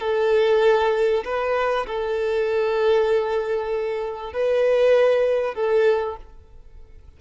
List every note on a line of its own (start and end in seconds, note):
0.00 1.24 A4
1.25 1.86 B4
1.87 4.33 A4
4.33 5.55 B4
5.55 6.17 A4